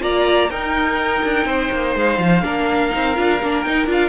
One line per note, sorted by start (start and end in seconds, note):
0.00 0.49 A#3
0.00 0.48 F4
0.00 0.50 D5
0.00 0.50 A#5
0.49 1.22 D#4
0.49 2.43 D#4
0.49 1.46 A#4
0.49 1.96 G5
1.24 1.45 D4
1.45 1.69 C4
1.45 2.43 C5
1.71 1.95 A#3
1.95 2.18 G#3
1.95 3.61 F5
2.18 2.42 F3
2.42 2.91 A#3
2.42 2.90 D4
2.42 4.09 A#4
2.90 3.18 C4
2.90 3.14 D#4
3.15 3.42 D4
3.15 3.39 F4
3.43 3.66 A#3
3.43 3.65 D4
3.61 3.87 D#4
3.61 3.86 D#4
3.61 3.85 G5
3.86 4.09 D4
3.86 4.09 F4
3.86 4.09 F5